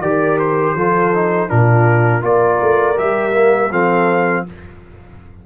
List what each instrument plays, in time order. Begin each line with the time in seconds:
0.00 tuba D#3, trombone G4, horn A#4, trumpet D5
0.39 trumpet C5
0.74 tuba F3, trombone F4, horn A4
1.14 trombone D#4
1.48 tuba A#2, trombone D4, horn F4, trumpet A#4
2.21 tuba A#3, trombone F4, horn A#4, trumpet D5
2.60 tuba A3
2.96 tuba G3, trombone G4, trumpet E5
3.32 trombone A#3
3.71 tuba F3, trombone C4, horn A4, trumpet F5